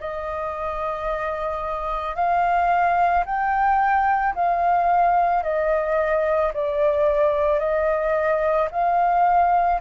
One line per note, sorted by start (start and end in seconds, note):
0.00 2.15 D#5
2.15 3.24 F5
3.25 4.34 G5
4.35 5.43 F5
5.43 6.52 D#5
6.53 7.59 D5
7.59 8.68 D#5
8.71 9.80 F5